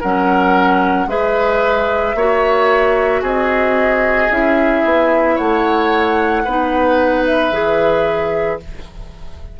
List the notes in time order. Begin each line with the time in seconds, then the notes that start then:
0.00 F#3 C#4 A#4 F#5
1.07 G#3 G#4 B4 E5
2.15 A#3 F#4 C#5
3.22 C4 G#4 D#5
4.30 C#4 E4 E5
4.85 B3
5.35 A3 C#5 F#5
6.45 B3 D#4 B4
7.26 E5
7.51 E3 G#4